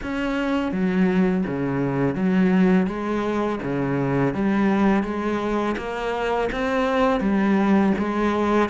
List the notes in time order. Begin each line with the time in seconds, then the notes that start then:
0.02 C#4
0.72 F#3
1.46 C#3
2.15 F#3
2.87 G#3
3.62 C#3
4.34 G3
5.03 G#3
5.77 A#3
6.52 C4
7.20 G3
7.98 G#3